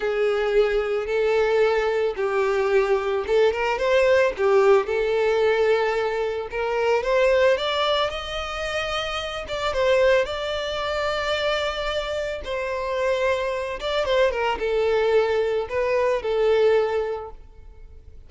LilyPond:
\new Staff \with { instrumentName = "violin" } { \time 4/4 \tempo 4 = 111 gis'2 a'2 | g'2 a'8 ais'8 c''4 | g'4 a'2. | ais'4 c''4 d''4 dis''4~ |
dis''4. d''8 c''4 d''4~ | d''2. c''4~ | c''4. d''8 c''8 ais'8 a'4~ | a'4 b'4 a'2 | }